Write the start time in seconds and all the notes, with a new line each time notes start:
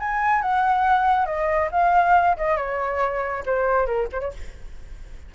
0.00 G#5
0.42 F#5
1.26 D#5
1.72 F5
2.38 D#5
2.57 C#5
3.46 C5
3.87 A#4
4.13 C5
4.21 C#5